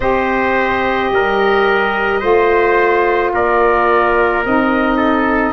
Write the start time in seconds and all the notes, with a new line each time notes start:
0.00 C4 G4 C5 D#5
1.10 G3 A#4
2.20 A3 F4 C5
3.33 A#3 A#4 D5
4.45 C4 D#4 D#5
4.97 A4